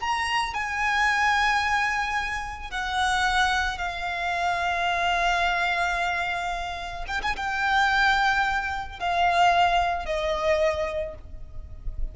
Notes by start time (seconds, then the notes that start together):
0.00 A#5
0.54 G#5
2.71 F#5
3.78 F5
7.08 G5
7.22 G#5
7.36 G5
9.00 F5
10.06 D#5